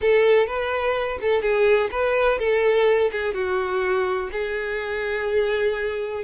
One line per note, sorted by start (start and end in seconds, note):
0.01 0.46 A4
0.46 1.18 B4
1.21 1.42 A4
1.42 1.90 G#4
1.91 2.38 B4
2.38 3.10 A4
3.11 3.34 G#4
3.34 4.30 F#4
4.32 6.23 G#4